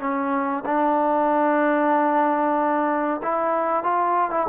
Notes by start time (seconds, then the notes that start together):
0.00 C#4
0.66 D4
3.23 E4
3.84 F4
4.31 E4